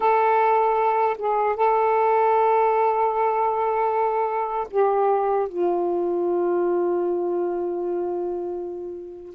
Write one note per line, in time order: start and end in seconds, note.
0.00 1.17 A4
1.18 1.56 G#4
1.56 4.68 A4
4.70 5.48 G4
5.48 9.34 F4